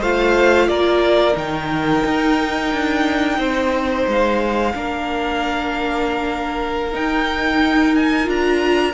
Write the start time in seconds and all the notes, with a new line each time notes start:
0.00 A3 F4 C5 F5
0.68 A#3 A#4 D5
1.33 D#3 D#4 G5
2.05 D#4
2.72 D4
3.38 C4 C5
4.07 G#3 F5
4.74 A#3 D4 A#4
6.91 D#4 G5
7.95 G#5
8.24 D4 F4 A#5